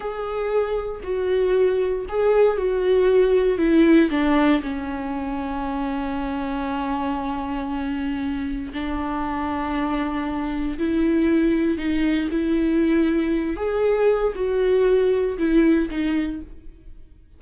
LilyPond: \new Staff \with { instrumentName = "viola" } { \time 4/4 \tempo 4 = 117 gis'2 fis'2 | gis'4 fis'2 e'4 | d'4 cis'2.~ | cis'1~ |
cis'4 d'2.~ | d'4 e'2 dis'4 | e'2~ e'8 gis'4. | fis'2 e'4 dis'4 | }